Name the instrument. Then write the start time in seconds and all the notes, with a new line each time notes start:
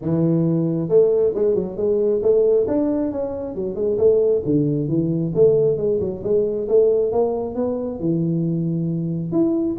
tuba
0.01 E3
0.88 A3
1.34 G#3
1.54 F#3
1.77 G#3
2.22 A3
2.67 D4
3.11 C#4
3.55 F#3
3.75 G#3
3.97 A3
4.45 D3
4.88 E3
5.35 A3
5.77 G#3
6.00 F#3
6.23 G#3
6.68 A3
7.12 A#3
7.55 B3
7.99 E3
9.32 E4